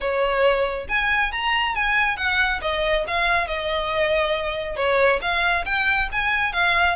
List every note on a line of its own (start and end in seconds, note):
0.00 0.87 C#5
0.88 1.31 G#5
1.31 1.75 A#5
1.75 2.17 G#5
2.17 2.60 F#5
2.61 3.05 D#5
3.07 3.47 F5
3.47 4.76 D#5
4.76 5.20 C#5
5.21 5.65 F5
5.65 6.08 G5
6.12 6.53 G#5
6.53 6.96 F5